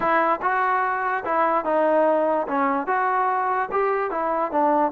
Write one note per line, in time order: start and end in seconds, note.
0.00 0.40 E4
0.41 1.24 F#4
1.25 1.64 E4
1.64 2.47 D#4
2.47 2.87 C#4
2.87 3.69 F#4
3.71 4.10 G4
4.10 4.51 E4
4.51 4.91 D4